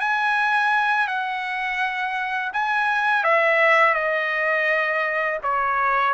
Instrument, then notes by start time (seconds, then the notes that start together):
trumpet
0.00 G#5
1.07 F#5
2.53 G#5
3.24 E5
3.94 D#5
5.43 C#5